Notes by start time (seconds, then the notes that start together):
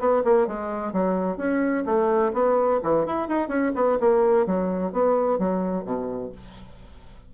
0.00 B3
0.25 A#3
0.48 G#3
0.93 F#3
1.38 C#4
1.86 A3
2.34 B3
2.84 E3
3.07 E4
3.29 D#4
3.49 C#4
3.75 B3
4.00 A#3
4.47 F#3
4.93 B3
5.39 F#3
5.85 B2